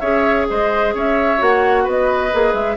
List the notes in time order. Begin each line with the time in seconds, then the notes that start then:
0.00 C#4 G#4 C#5 E5
0.50 G#3 C5 D#5
0.95 C#4 C#5 E5
1.38 A#3 F#4 F#5
1.84 B3 B4 D#5
2.33 A#3 G#4
2.54 G#3 E5